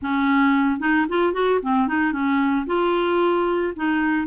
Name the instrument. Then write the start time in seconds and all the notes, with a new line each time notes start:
clarinet
0.01 C#4
0.79 D#4
1.08 F4
1.33 F#4
1.62 C4
1.87 D#4
2.12 C#4
2.66 F4
3.76 D#4